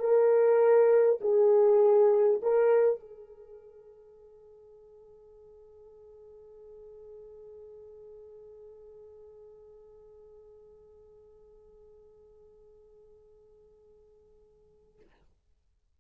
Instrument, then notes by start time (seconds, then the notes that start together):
horn
0.00 A#4
1.21 G#4
2.42 A#4
3.01 G#4